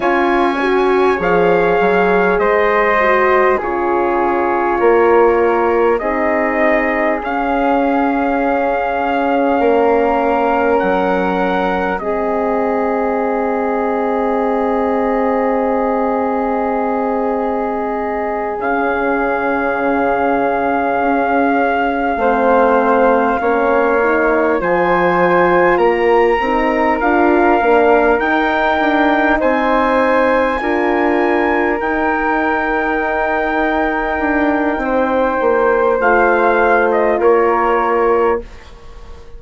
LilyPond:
<<
  \new Staff \with { instrumentName = "trumpet" } { \time 4/4 \tempo 4 = 50 gis''4 f''4 dis''4 cis''4~ | cis''4 dis''4 f''2~ | f''4 fis''4 dis''2~ | dis''2.~ dis''8 f''8~ |
f''1~ | f''8 gis''4 ais''4 f''4 g''8~ | g''8 gis''2 g''4.~ | g''2 f''8. dis''16 cis''4 | }
  \new Staff \with { instrumentName = "flute" } { \time 4/4 cis''2 c''4 gis'4 | ais'4 gis'2. | ais'2 gis'2~ | gis'1~ |
gis'2~ gis'8 c''4 cis''8~ | cis''8 c''4 ais'2~ ais'8~ | ais'8 c''4 ais'2~ ais'8~ | ais'4 c''2 ais'4 | }
  \new Staff \with { instrumentName = "horn" } { \time 4/4 f'8 fis'8 gis'4. fis'8 f'4~ | f'4 dis'4 cis'2~ | cis'2 c'2~ | c'2.~ c'8 cis'8~ |
cis'2~ cis'8 c'4 cis'8 | dis'8 f'4. dis'8 f'8 d'8 dis'8~ | dis'4. f'4 dis'4.~ | dis'2 f'2 | }
  \new Staff \with { instrumentName = "bassoon" } { \time 4/4 cis'4 f8 fis8 gis4 cis4 | ais4 c'4 cis'2 | ais4 fis4 gis2~ | gis2.~ gis8 cis8~ |
cis4. cis'4 a4 ais8~ | ais8 f4 ais8 c'8 d'8 ais8 dis'8 | d'8 c'4 d'4 dis'4.~ | dis'8 d'8 c'8 ais8 a4 ais4 | }
>>